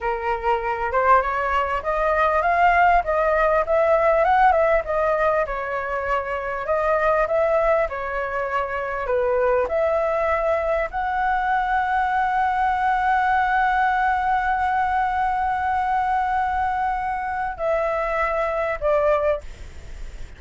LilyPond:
\new Staff \with { instrumentName = "flute" } { \time 4/4 \tempo 4 = 99 ais'4. c''8 cis''4 dis''4 | f''4 dis''4 e''4 fis''8 e''8 | dis''4 cis''2 dis''4 | e''4 cis''2 b'4 |
e''2 fis''2~ | fis''1~ | fis''1~ | fis''4 e''2 d''4 | }